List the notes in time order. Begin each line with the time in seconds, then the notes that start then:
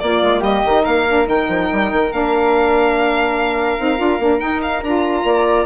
0.00 A#3 F4 D5
0.23 G#3
0.40 G3 G4 D#5
0.65 D#3 D#4
0.83 A#3 A#4 F5
1.08 D4
1.26 D#3 D#4 G5
1.49 F3
1.72 G3
1.93 D#3
2.12 A#3 D4 F5
3.79 C4 D#4
3.98 D4 F4
4.19 A#3 D4
4.40 D#4 G5
4.63 F5
4.83 D4 F4 A#5
5.24 A#3 D5